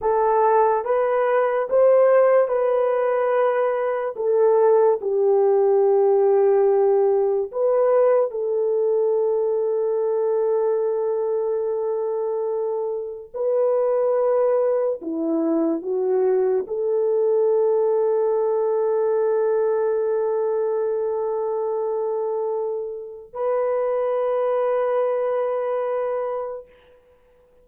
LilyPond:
\new Staff \with { instrumentName = "horn" } { \time 4/4 \tempo 4 = 72 a'4 b'4 c''4 b'4~ | b'4 a'4 g'2~ | g'4 b'4 a'2~ | a'1 |
b'2 e'4 fis'4 | a'1~ | a'1 | b'1 | }